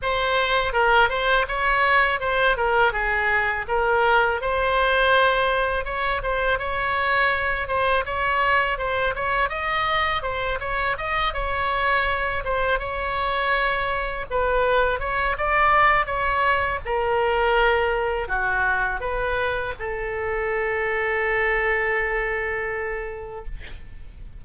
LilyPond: \new Staff \with { instrumentName = "oboe" } { \time 4/4 \tempo 4 = 82 c''4 ais'8 c''8 cis''4 c''8 ais'8 | gis'4 ais'4 c''2 | cis''8 c''8 cis''4. c''8 cis''4 | c''8 cis''8 dis''4 c''8 cis''8 dis''8 cis''8~ |
cis''4 c''8 cis''2 b'8~ | b'8 cis''8 d''4 cis''4 ais'4~ | ais'4 fis'4 b'4 a'4~ | a'1 | }